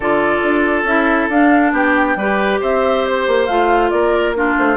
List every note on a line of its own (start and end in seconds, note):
0.00 0.39 D3
0.00 0.87 F4
0.00 1.72 A4
0.00 0.84 D5
0.43 0.83 D4
0.83 1.27 C#4
0.83 1.30 E4
0.83 1.29 E5
1.29 1.72 D4
1.29 2.18 D4
1.29 1.73 F5
1.72 2.16 B3
1.72 2.16 G4
1.72 2.61 G5
2.16 2.59 G3
2.16 3.49 G4
2.16 2.60 B4
2.60 3.27 C4
2.60 3.90 C5
2.60 3.05 E5
3.05 3.46 C5
3.27 3.48 A#3
3.46 3.91 A3
3.46 4.35 F4
3.46 3.90 F5
3.90 4.56 A#3
3.90 4.36 A#4
3.90 4.33 D5
4.35 4.76 D4
4.35 4.76 F4
4.35 4.56 A#4
4.58 4.76 A3
4.58 4.76 C5